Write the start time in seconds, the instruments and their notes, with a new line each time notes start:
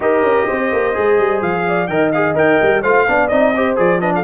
0.00 tuba D#4, trombone G4, horn A#4, trumpet D#5
0.21 tuba C#4
0.47 tuba C4, horn C5
0.71 tuba A#3
0.93 tuba G#3, trombone G#4
1.18 tuba G3
1.41 tuba F3, trumpet F5
1.67 horn D5
1.87 tuba D#3, trombone A#4, horn D#5, trumpet G5
2.12 trombone G#4, trumpet F5
2.34 tuba D#4, trombone A#4, trumpet G5
2.61 tuba G3
2.82 tuba A3, trombone F4, horn C5, trumpet F5
3.07 tuba B3, trombone D4, horn D5
3.28 tuba C4, trombone D#4, trumpet D#5
3.55 trombone G4, horn C5
3.76 tuba F3, trombone G#4, trumpet D5
4.00 trombone D4, horn B4, trumpet D#5
4.15 horn A4, trumpet F5